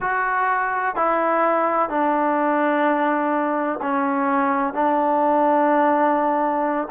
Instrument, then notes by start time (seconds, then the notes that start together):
trombone
0.00 F#4
0.95 E4
1.89 D4
3.82 C#4
4.73 D4